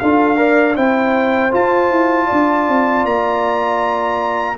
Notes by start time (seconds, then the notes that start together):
0.00 D4 F4 A4 F5
0.37 A#4 D5
0.76 C4 E4 C5 G5
1.51 F4 A5
1.91 E4
2.27 D4 D5
2.69 C4
3.05 A#3 A#5